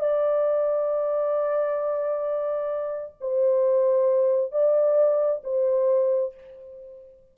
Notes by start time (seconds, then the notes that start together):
0.00 D5
3.21 C5
4.52 D5
5.44 C5